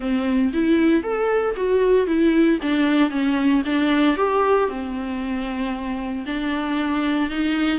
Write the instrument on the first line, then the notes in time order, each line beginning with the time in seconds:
viola
0.00 C4
0.53 E4
1.03 A4
1.56 F#4
2.06 E4
2.61 D4
3.10 C#4
3.65 D4
4.16 G4
4.68 C4
6.26 D4
7.29 D#4